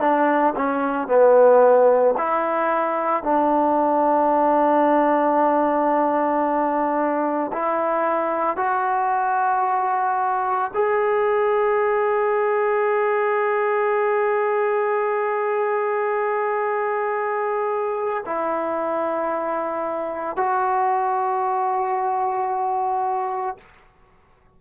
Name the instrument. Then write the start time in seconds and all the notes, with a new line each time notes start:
trombone
0.00 D4
0.56 C#4
1.08 B3
2.18 E4
3.23 D4
7.53 E4
8.57 F#4
10.74 G#4
18.26 E4
20.36 F#4